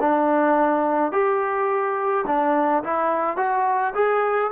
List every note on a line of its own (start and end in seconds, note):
0.00 1.12 D4
1.12 2.25 G4
2.26 2.83 D4
2.84 3.37 E4
3.37 3.94 F#4
3.95 4.51 G#4